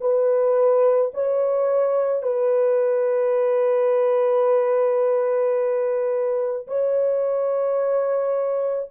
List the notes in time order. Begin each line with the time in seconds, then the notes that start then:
0.00 B4
1.14 C#5
2.22 B4
6.67 C#5